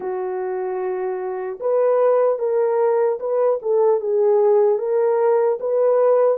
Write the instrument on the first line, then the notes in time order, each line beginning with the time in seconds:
horn
0.00 F#4
1.60 B4
2.39 A#4
3.19 B4
3.61 A4
4.00 G#4
4.78 A#4
5.60 B4